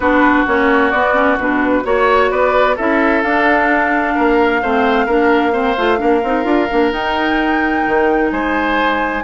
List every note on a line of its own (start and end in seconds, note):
0.00 0.44 B3
0.00 0.47 D4
0.00 1.83 F#4
0.00 0.45 B4
0.47 0.93 A#3
0.47 0.93 C#4
0.47 0.90 C#5
0.90 1.37 B3
0.90 1.14 B3
0.90 1.37 D5
1.14 1.37 C#4
1.37 1.84 B2
1.37 1.83 D4
1.37 1.85 B4
1.83 2.31 A#3
1.83 2.76 F#4
1.83 2.31 C#5
1.83 2.30 C#5
2.30 2.77 B3
2.30 2.76 B4
2.30 2.76 D5
2.76 3.23 C#4
2.76 3.24 E4
2.76 4.14 A4
2.76 3.22 E5
3.22 4.16 D4
3.22 4.62 D4
3.22 6.91 F5
4.14 4.62 A#3
4.14 4.60 A#4
4.62 5.07 A3
4.62 5.08 C4
4.62 5.06 C5
5.06 5.76 A#3
5.06 5.52 D4
5.06 5.52 A#4
5.52 5.75 C4
5.52 5.98 C5
5.77 6.00 A3
5.77 5.97 F4
5.97 6.23 A#3
5.97 6.20 D4
5.97 8.31 A#4
6.23 6.45 C4
6.23 6.43 D#4
6.43 6.68 D4
6.43 6.66 F4
6.70 6.91 A#3
6.70 6.91 D4
6.91 9.22 D#4
6.91 7.84 D#4
6.91 8.31 G5
7.86 8.31 D#3
8.31 9.23 G#3
8.31 9.23 C5
8.31 9.23 G#5